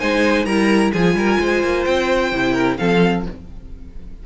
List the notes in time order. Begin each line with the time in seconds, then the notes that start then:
0.00 G#3 D#4 C5 G#5
0.45 G3 E4 A#4 A#5
0.93 F3 F4 G#4 G#5
1.15 G3 A#4
1.40 G#3 C5
1.63 A#3
1.85 C4 G5
2.33 C3 E4
2.53 A#4
2.78 F3 C4 A4 F5